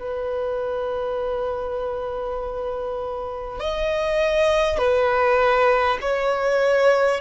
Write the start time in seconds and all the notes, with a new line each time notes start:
0.00 B4
3.60 D#5
4.78 B4
6.01 C#5